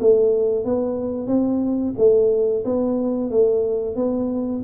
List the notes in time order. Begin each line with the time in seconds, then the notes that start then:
0.00 A3
0.65 B3
1.27 C4
1.98 A3
2.65 B3
3.31 A3
3.96 B3